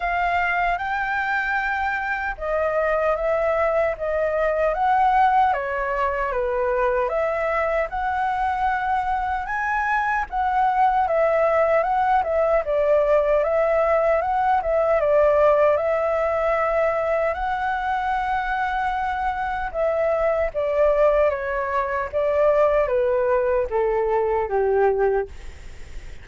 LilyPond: \new Staff \with { instrumentName = "flute" } { \time 4/4 \tempo 4 = 76 f''4 g''2 dis''4 | e''4 dis''4 fis''4 cis''4 | b'4 e''4 fis''2 | gis''4 fis''4 e''4 fis''8 e''8 |
d''4 e''4 fis''8 e''8 d''4 | e''2 fis''2~ | fis''4 e''4 d''4 cis''4 | d''4 b'4 a'4 g'4 | }